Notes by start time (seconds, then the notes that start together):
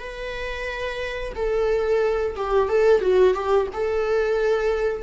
0.00 B4
1.36 A4
2.36 G4
2.69 A4
3.02 F#4
3.34 G4
3.74 A4